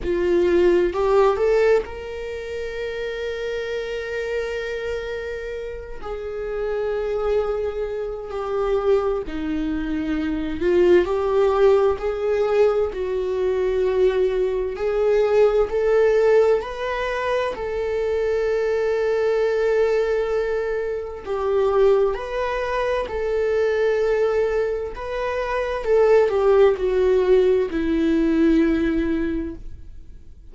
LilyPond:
\new Staff \with { instrumentName = "viola" } { \time 4/4 \tempo 4 = 65 f'4 g'8 a'8 ais'2~ | ais'2~ ais'8 gis'4.~ | gis'4 g'4 dis'4. f'8 | g'4 gis'4 fis'2 |
gis'4 a'4 b'4 a'4~ | a'2. g'4 | b'4 a'2 b'4 | a'8 g'8 fis'4 e'2 | }